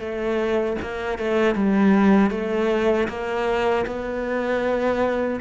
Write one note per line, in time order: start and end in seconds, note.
0.00 0.77 A3
0.83 1.19 A#3
1.19 1.56 A3
1.56 2.31 G3
2.31 3.08 A3
3.09 3.86 A#3
3.87 5.41 B3